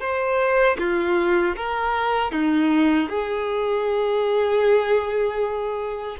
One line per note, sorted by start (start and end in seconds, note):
0.00 0.77 C5
0.79 1.56 F4
1.56 2.32 A#4
2.32 3.09 D#4
3.09 6.17 G#4